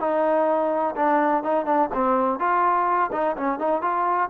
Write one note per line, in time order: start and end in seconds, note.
0.00 0.95 D#4
0.96 1.44 D4
1.44 1.66 D#4
1.66 1.89 D4
1.94 2.39 C4
2.39 3.11 F4
3.13 3.36 D#4
3.37 3.59 C#4
3.59 3.82 D#4
3.82 4.30 F4